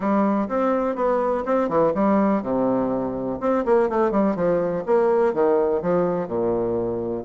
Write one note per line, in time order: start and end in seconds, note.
0.00 0.48 G3
0.48 0.95 C4
0.95 1.44 B3
1.45 1.68 C4
1.68 1.92 E3
1.94 2.42 G3
2.42 3.39 C3
3.40 3.64 C4
3.65 3.89 A#3
3.89 4.11 A3
4.11 4.35 G3
4.35 4.84 F3
4.86 5.33 A#3
5.33 5.82 D#3
5.82 6.27 F3
6.27 7.24 A#2